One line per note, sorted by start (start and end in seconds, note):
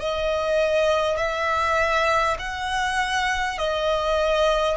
0.00 1.17 D#5
1.17 2.37 E5
2.39 3.58 F#5
3.58 4.77 D#5